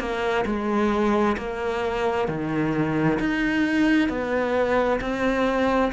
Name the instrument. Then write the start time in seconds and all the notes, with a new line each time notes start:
cello
0.00 A#3
0.46 G#3
1.38 A#3
2.29 D#3
3.20 D#4
4.10 B3
5.01 C4